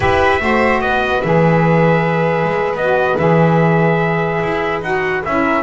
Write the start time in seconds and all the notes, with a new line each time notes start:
0.00 E4 G4 B4 E5
0.39 A3 F#4 C5
0.81 B3 B4 D#5
1.21 E3 G#4 E5
2.44 G#3
2.74 B3 F#4 D#5
3.18 E3 G#4 E5
4.43 E4
4.81 D#4 F#4 F#5
5.24 C#4 E4 E5
5.42 A#4